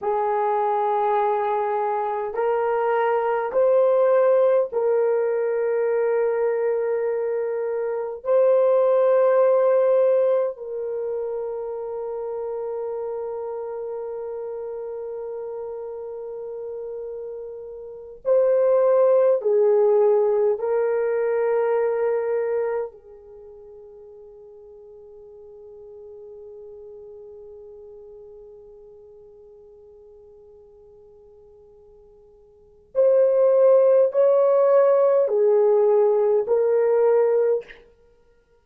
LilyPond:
\new Staff \with { instrumentName = "horn" } { \time 4/4 \tempo 4 = 51 gis'2 ais'4 c''4 | ais'2. c''4~ | c''4 ais'2.~ | ais'2.~ ais'8 c''8~ |
c''8 gis'4 ais'2 gis'8~ | gis'1~ | gis'1 | c''4 cis''4 gis'4 ais'4 | }